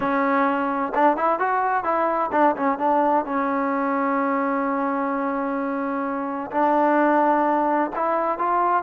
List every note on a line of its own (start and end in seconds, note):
0.00 0.93 C#4
0.94 1.16 D4
1.16 1.39 E4
1.39 1.84 F#4
1.84 2.30 E4
2.32 2.55 D4
2.56 2.78 C#4
2.78 3.25 D4
3.25 6.51 C#4
6.51 7.90 D4
7.95 8.38 E4
8.38 8.83 F4